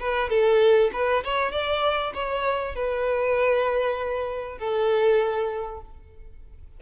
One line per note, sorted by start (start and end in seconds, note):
0.00 0.30 B4
0.30 0.91 A4
0.93 1.24 B4
1.24 1.52 C#5
1.52 2.13 D5
2.14 2.76 C#5
2.76 4.59 B4
4.59 5.81 A4